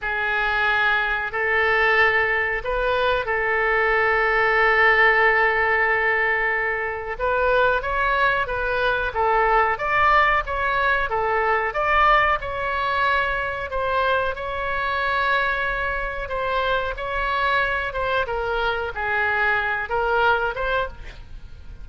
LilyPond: \new Staff \with { instrumentName = "oboe" } { \time 4/4 \tempo 4 = 92 gis'2 a'2 | b'4 a'2.~ | a'2. b'4 | cis''4 b'4 a'4 d''4 |
cis''4 a'4 d''4 cis''4~ | cis''4 c''4 cis''2~ | cis''4 c''4 cis''4. c''8 | ais'4 gis'4. ais'4 c''8 | }